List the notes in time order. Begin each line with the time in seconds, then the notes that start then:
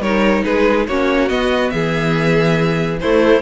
0.00 G3 D#4 A#4 C#5
0.44 G#3 G#4 B4
0.87 A#3 C#4 F#4 C#5
1.29 B3 D#5
1.70 E3 G#4 E5
3.00 A3 E4 C5